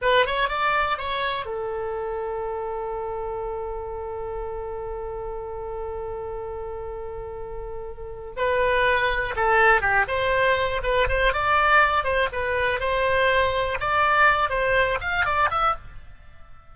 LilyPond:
\new Staff \with { instrumentName = "oboe" } { \time 4/4 \tempo 4 = 122 b'8 cis''8 d''4 cis''4 a'4~ | a'1~ | a'1~ | a'1~ |
a'4 b'2 a'4 | g'8 c''4. b'8 c''8 d''4~ | d''8 c''8 b'4 c''2 | d''4. c''4 f''8 d''8 e''8 | }